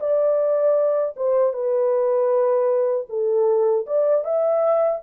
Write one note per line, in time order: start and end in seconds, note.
0.00 1.15 D5
1.16 1.53 C5
1.53 3.07 B4
3.09 3.86 A4
3.87 4.24 D5
4.24 5.01 E5